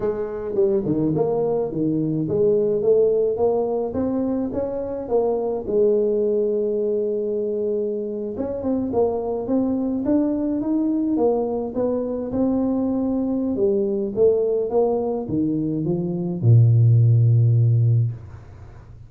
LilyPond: \new Staff \with { instrumentName = "tuba" } { \time 4/4 \tempo 4 = 106 gis4 g8 dis8 ais4 dis4 | gis4 a4 ais4 c'4 | cis'4 ais4 gis2~ | gis2~ gis8. cis'8 c'8 ais16~ |
ais8. c'4 d'4 dis'4 ais16~ | ais8. b4 c'2~ c'16 | g4 a4 ais4 dis4 | f4 ais,2. | }